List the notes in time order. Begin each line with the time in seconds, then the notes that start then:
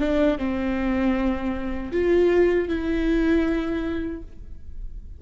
0.00 D4
0.38 C4
1.92 F4
2.69 E4